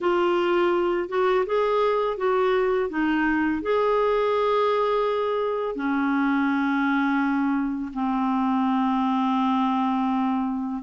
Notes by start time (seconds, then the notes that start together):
0.00 F4
1.08 F#4
1.46 G#4
2.17 F#4
2.89 D#4
3.62 G#4
5.75 C#4
7.93 C4